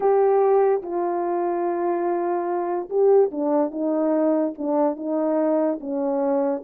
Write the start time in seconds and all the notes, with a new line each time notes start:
0.00 G4
0.82 F4
2.89 G4
3.31 D4
3.71 D#4
4.57 D4
4.96 D#4
5.80 C#4